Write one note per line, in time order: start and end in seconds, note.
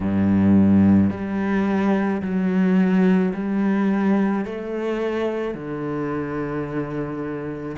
0.00 1.10 G2
1.10 2.21 G3
2.22 3.33 F#3
3.33 4.44 G3
4.45 5.54 A3
5.54 7.76 D3